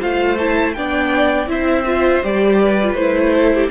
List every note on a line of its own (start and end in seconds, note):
0.00 0.76 A3
0.00 0.38 F4
0.00 0.74 C5
0.00 0.38 F5
0.38 0.76 E4
0.38 0.73 A5
0.73 1.47 B3
0.73 1.47 D4
0.73 1.50 D5
0.73 1.47 G5
1.47 2.21 C4
1.47 1.84 E4
1.47 2.60 C5
1.47 2.24 E5
1.86 2.23 F4
2.23 2.94 G3
2.23 2.78 G4
2.23 2.94 D5
2.60 3.35 B4
2.82 2.97 F4
2.94 3.69 A3
2.94 3.71 E4
2.94 3.68 C5
3.35 3.53 A4
3.54 3.71 G4